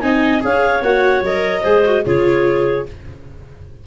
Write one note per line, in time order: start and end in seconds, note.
0.00 0.43 C4
0.00 0.40 D#4
0.00 0.43 D#5
0.00 0.40 G#5
0.40 0.82 C#4
0.40 0.81 G#4
0.40 1.62 C#5
0.40 0.83 F5
0.82 1.21 A#3
0.82 1.24 F#4
0.82 1.23 F#5
1.21 1.62 F#3
1.21 1.64 A#4
1.21 2.05 D#5
1.62 2.05 G#3
1.62 1.84 G#4
1.62 2.02 C5
1.85 2.05 F#4
2.05 2.86 C#3
2.05 2.86 F4
2.05 2.86 G#4
2.05 2.86 C#5